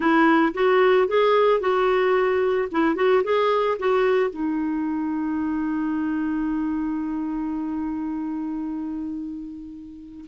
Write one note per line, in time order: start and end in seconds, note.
0.00 0.53 E4
0.54 1.08 F#4
1.08 1.60 G#4
1.60 2.68 F#4
2.71 2.95 E4
2.95 3.22 F#4
3.23 3.77 G#4
3.79 4.30 F#4
4.30 10.24 D#4